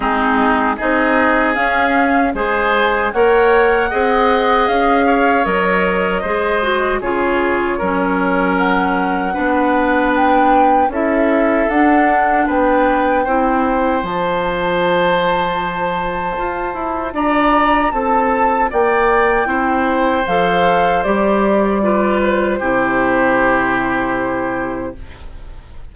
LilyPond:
<<
  \new Staff \with { instrumentName = "flute" } { \time 4/4 \tempo 4 = 77 gis'4 dis''4 f''4 gis''4 | fis''2 f''4 dis''4~ | dis''4 cis''2 fis''4~ | fis''4 g''4 e''4 fis''4 |
g''2 a''2~ | a''2 ais''4 a''4 | g''2 f''4 d''4~ | d''8 c''2.~ c''8 | }
  \new Staff \with { instrumentName = "oboe" } { \time 4/4 dis'4 gis'2 c''4 | cis''4 dis''4. cis''4. | c''4 gis'4 ais'2 | b'2 a'2 |
b'4 c''2.~ | c''2 d''4 a'4 | d''4 c''2. | b'4 g'2. | }
  \new Staff \with { instrumentName = "clarinet" } { \time 4/4 c'4 dis'4 cis'4 gis'4 | ais'4 gis'2 ais'4 | gis'8 fis'8 f'4 cis'2 | d'2 e'4 d'4~ |
d'4 e'4 f'2~ | f'1~ | f'4 e'4 a'4 g'4 | f'4 e'2. | }
  \new Staff \with { instrumentName = "bassoon" } { \time 4/4 gis4 c'4 cis'4 gis4 | ais4 c'4 cis'4 fis4 | gis4 cis4 fis2 | b2 cis'4 d'4 |
b4 c'4 f2~ | f4 f'8 e'8 d'4 c'4 | ais4 c'4 f4 g4~ | g4 c2. | }
>>